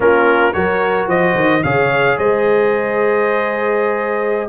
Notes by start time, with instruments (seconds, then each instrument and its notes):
0.00 tuba A#3, trombone C#4, horn F4, trumpet A#4
0.53 tuba F#3, trombone F#4, horn A#4, trumpet C#5
1.07 tuba F3, horn C5, trumpet D#5
1.35 tuba D#3
1.63 tuba C#3, trombone G#4, horn C#5, trumpet F5
2.17 tuba G#3, horn C5, trumpet D#5